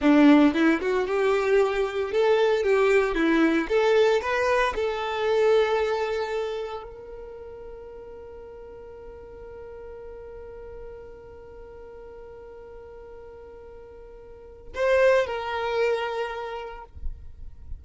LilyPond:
\new Staff \with { instrumentName = "violin" } { \time 4/4 \tempo 4 = 114 d'4 e'8 fis'8 g'2 | a'4 g'4 e'4 a'4 | b'4 a'2.~ | a'4 ais'2.~ |
ais'1~ | ais'1~ | ais'1 | c''4 ais'2. | }